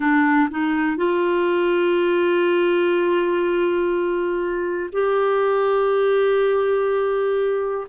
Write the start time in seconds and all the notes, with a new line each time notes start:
0.00 D4
0.50 D#4
0.96 F4
4.92 G4